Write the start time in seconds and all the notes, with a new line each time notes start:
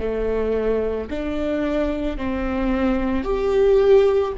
0.00 A3
1.10 D4
2.17 C4
3.24 G4